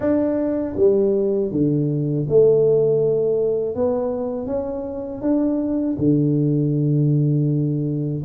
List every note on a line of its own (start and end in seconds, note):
0.00 0.75 D4
0.76 1.51 G3
1.51 2.26 D3
2.29 3.75 A3
3.75 4.46 B3
4.46 5.21 C#4
5.21 5.96 D4
5.98 8.23 D3